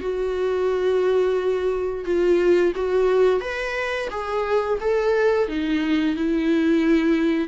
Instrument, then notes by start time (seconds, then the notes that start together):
viola
0.00 F#4
2.05 F4
2.75 F#4
3.40 B4
4.10 G#4
4.80 A4
5.48 D#4
6.15 E4